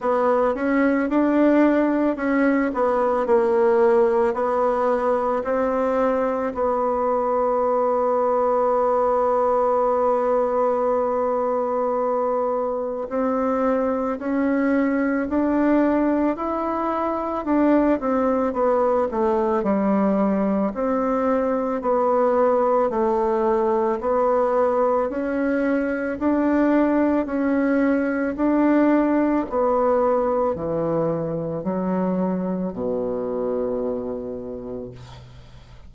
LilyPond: \new Staff \with { instrumentName = "bassoon" } { \time 4/4 \tempo 4 = 55 b8 cis'8 d'4 cis'8 b8 ais4 | b4 c'4 b2~ | b1 | c'4 cis'4 d'4 e'4 |
d'8 c'8 b8 a8 g4 c'4 | b4 a4 b4 cis'4 | d'4 cis'4 d'4 b4 | e4 fis4 b,2 | }